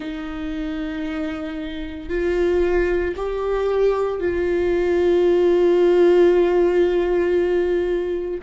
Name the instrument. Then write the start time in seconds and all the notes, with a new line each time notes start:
viola
0.00 D#4
2.09 F4
3.16 G4
4.20 F4